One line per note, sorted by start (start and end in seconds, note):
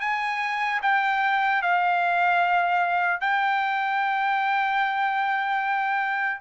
0.00 0.80 G#5
0.82 1.62 G5
1.62 3.20 F5
3.20 6.40 G5